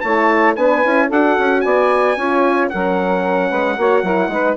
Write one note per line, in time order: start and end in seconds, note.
0.00 0.56 A3
0.00 0.56 E4
0.00 0.56 C#5
0.00 0.54 A5
0.55 0.83 B3
0.55 0.83 D4
0.55 1.07 B4
0.55 1.09 G#5
0.83 1.10 C#4
0.83 1.10 E4
1.07 1.37 D4
1.07 2.18 F#4
1.07 1.60 A4
1.07 1.61 F#5
1.38 1.65 C#4
1.61 2.16 B3
1.61 2.17 D5
1.61 2.68 G#5
2.16 2.70 C#4
2.16 2.72 F4
2.16 2.71 C#5
2.69 3.51 F#3
2.69 3.78 C#4
2.69 3.49 A#4
2.69 4.56 F#5
3.49 3.77 G#3
3.49 3.75 B4
3.77 4.03 A#3
3.77 4.05 F#4
3.77 4.03 C#5
4.03 4.27 F#3
4.03 4.29 E4
4.03 4.29 A#4
4.27 4.54 G#3
4.27 4.56 D#4
4.27 4.57 B4